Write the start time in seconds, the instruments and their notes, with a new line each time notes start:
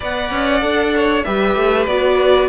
0.00 cello B3, viola B4, violin D5 F#5
0.31 cello C#4
0.60 cello D4, viola A4
0.95 violin C#5
1.23 cello G3, viola G4, violin B4 E5
1.55 cello A3
1.86 cello B3, viola F#4, violin D5